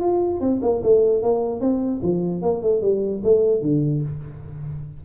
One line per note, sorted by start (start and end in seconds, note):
0.00 0.40 F4
0.40 0.61 C4
0.62 0.82 A#3
0.83 1.22 A3
1.22 1.61 A#3
1.61 2.01 C4
2.02 2.42 F3
2.42 2.62 A#3
2.62 2.82 A3
2.82 3.22 G3
3.24 3.62 A3
3.62 4.02 D3